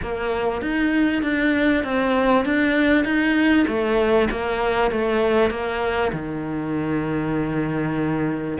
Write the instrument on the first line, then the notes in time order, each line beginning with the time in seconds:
cello
0.02 A#3
0.61 D#4
1.22 D4
1.84 C4
2.45 D4
3.04 D#4
3.67 A3
4.31 A#3
4.91 A3
5.50 A#3
6.12 D#3